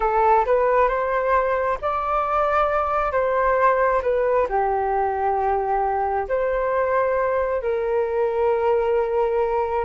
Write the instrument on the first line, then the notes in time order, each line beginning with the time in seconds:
flute
0.00 A4
0.45 B4
0.88 C5
1.81 D5
3.12 C5
4.02 B4
4.48 G4
6.28 C5
7.62 A#4